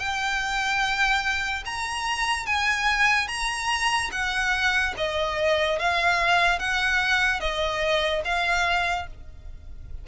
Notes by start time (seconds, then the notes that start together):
0.00 G5
1.66 A#5
2.47 G#5
3.28 A#5
4.12 F#5
4.97 D#5
5.79 F5
6.59 F#5
7.40 D#5
8.25 F5